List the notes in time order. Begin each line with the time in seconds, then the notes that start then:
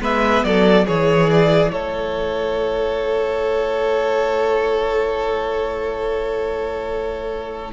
0.00 G#3 B3 B4 E5
0.43 F#3 A4 D5
0.86 E3 E4 G#4 C#5
1.30 D5
1.71 A3 A4 C#5